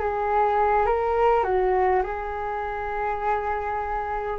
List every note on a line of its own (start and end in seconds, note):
0.00 0.86 G#4
0.86 1.44 A#4
1.44 2.02 F#4
2.03 4.39 G#4